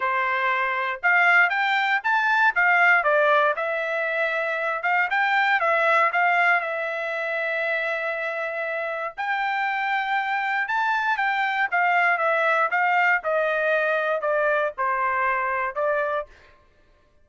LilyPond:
\new Staff \with { instrumentName = "trumpet" } { \time 4/4 \tempo 4 = 118 c''2 f''4 g''4 | a''4 f''4 d''4 e''4~ | e''4. f''8 g''4 e''4 | f''4 e''2.~ |
e''2 g''2~ | g''4 a''4 g''4 f''4 | e''4 f''4 dis''2 | d''4 c''2 d''4 | }